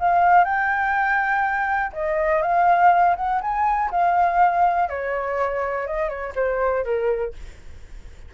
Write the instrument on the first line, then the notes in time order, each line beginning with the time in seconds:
flute
0.00 F5
0.45 G5
1.93 D#5
2.42 F5
3.17 F#5
3.41 G#5
3.91 F5
4.90 C#5
5.87 D#5
6.09 C#5
6.36 C5
6.85 A#4